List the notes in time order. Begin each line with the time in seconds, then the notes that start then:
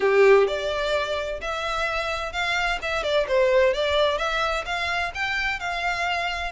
0.00 G4
0.47 D5
1.40 E5
2.32 F5
2.82 E5
3.03 D5
3.27 C5
3.73 D5
4.17 E5
4.65 F5
5.14 G5
5.59 F5